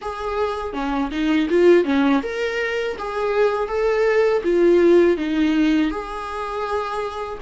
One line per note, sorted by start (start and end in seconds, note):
0.01 0.73 G#4
0.73 1.10 C#4
1.11 1.48 D#4
1.49 1.84 F4
1.84 2.21 C#4
2.22 2.96 A#4
2.98 3.68 G#4
3.68 4.42 A4
4.43 5.17 F4
5.17 5.90 D#4
5.90 7.38 G#4